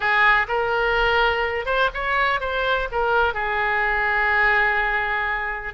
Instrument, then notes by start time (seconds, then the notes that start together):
oboe
0.00 G#4
0.48 A#4
1.65 C5
1.94 C#5
2.40 C5
2.91 A#4
3.33 G#4